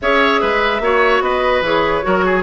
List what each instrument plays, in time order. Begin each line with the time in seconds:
0.01 bassoon C#4, clarinet G#4, oboe C#5, flute E5
0.40 bassoon G#3, oboe B4
0.80 bassoon A#3, clarinet F#4, oboe C#5
1.20 bassoon B3, oboe B4, flute D#5
1.61 bassoon E3, clarinet G#4, flute C#5
2.02 bassoon F#3, clarinet F#4, oboe A#4
2.25 oboe G#4